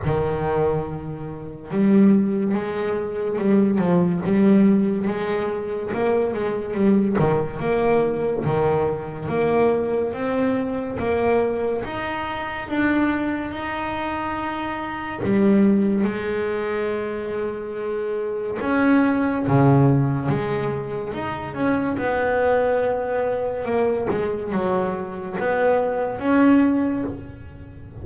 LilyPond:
\new Staff \with { instrumentName = "double bass" } { \time 4/4 \tempo 4 = 71 dis2 g4 gis4 | g8 f8 g4 gis4 ais8 gis8 | g8 dis8 ais4 dis4 ais4 | c'4 ais4 dis'4 d'4 |
dis'2 g4 gis4~ | gis2 cis'4 cis4 | gis4 dis'8 cis'8 b2 | ais8 gis8 fis4 b4 cis'4 | }